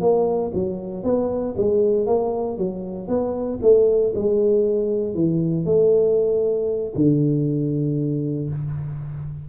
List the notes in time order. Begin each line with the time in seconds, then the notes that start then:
0.00 A#3
0.54 F#3
1.03 B3
1.57 G#3
2.06 A#3
2.57 F#3
3.08 B3
3.62 A3
4.15 G#3
5.14 E3
5.65 A3
6.95 D3